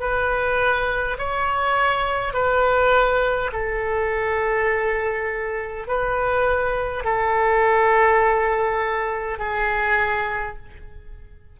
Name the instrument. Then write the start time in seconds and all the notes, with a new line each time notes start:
oboe
0.00 B4
1.19 C#5
2.34 B4
3.53 A4
5.88 B4
7.04 A4
9.39 G#4